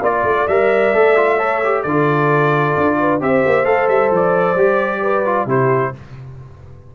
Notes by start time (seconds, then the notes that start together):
0.00 A#3 F4 D5
0.23 A3
0.47 G3 A#4 E5
0.93 A3 A4
1.16 F4
1.36 A4 C#5
1.63 G4
1.82 D3 F4 A4 D5
2.77 D4
2.99 B4
3.20 C4 G4 C5 E5
3.45 A#3
3.64 A3 A4 F5
3.88 G3 E5
4.11 F3 D5
4.54 G3 G4
5.02 B4
5.25 F4
5.45 C3 E4 G4 C5